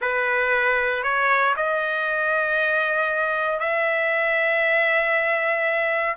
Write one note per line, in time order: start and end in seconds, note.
0.01 1.03 B4
1.03 1.54 C#5
1.56 3.59 D#5
3.59 6.16 E5